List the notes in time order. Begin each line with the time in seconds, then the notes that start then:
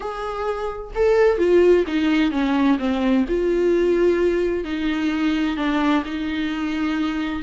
0.00 G#4
0.95 A4
1.38 F4
1.87 D#4
2.31 C#4
2.78 C4
3.28 F4
4.64 D#4
5.56 D4
6.05 D#4